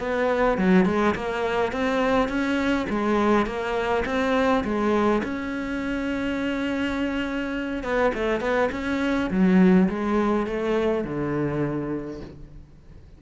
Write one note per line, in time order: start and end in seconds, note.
0.00 0.58 B3
0.59 0.86 F#3
0.86 1.15 G#3
1.15 1.73 A#3
1.73 2.29 C4
2.29 2.87 C#4
2.90 3.47 G#3
3.47 4.05 A#3
4.06 4.64 C4
4.65 5.23 G#3
5.24 7.84 C#4
7.84 8.13 B3
8.15 8.41 A3
8.41 8.70 B3
8.72 9.31 C#4
9.31 9.89 F#3
9.89 10.47 G#3
10.47 11.05 A3
11.05 12.21 D3